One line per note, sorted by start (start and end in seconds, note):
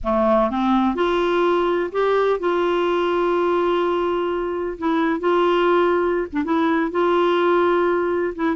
0.03 0.50 A3
0.50 0.95 C4
0.95 1.90 F4
1.92 2.39 G4
2.39 4.77 F4
4.78 5.20 E4
5.20 6.27 F4
6.32 6.44 D4
6.44 6.91 E4
6.91 8.34 F4
8.35 8.56 E4